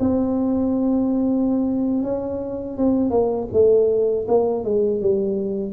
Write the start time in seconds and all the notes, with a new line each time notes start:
0.00 C4
2.03 C#4
2.78 C4
3.10 A#3
3.53 A3
4.28 A#3
4.65 G#3
5.01 G3